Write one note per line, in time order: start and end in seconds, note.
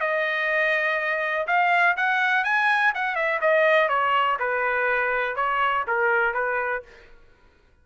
0.00 1.46 D#5
1.47 1.96 F5
1.96 2.44 F#5
2.44 2.92 G#5
2.94 3.15 F#5
3.15 3.40 E5
3.41 3.88 D#5
3.88 4.37 C#5
4.39 5.35 B4
5.35 5.84 C#5
5.87 6.33 A#4
6.33 6.82 B4